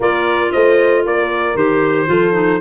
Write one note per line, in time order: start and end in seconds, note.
0.00 0.51 A#3
0.00 1.56 F4
0.00 0.51 A#4
0.00 0.52 D5
0.52 1.05 A3
0.52 1.04 C5
0.52 1.04 D#5
1.05 1.54 A#3
1.05 2.09 A#4
1.05 1.57 D5
1.54 2.07 D#3
1.54 2.07 G4
1.54 2.60 C5
2.07 2.60 F3
2.07 2.33 F4
2.07 2.60 A4
2.33 2.59 D#4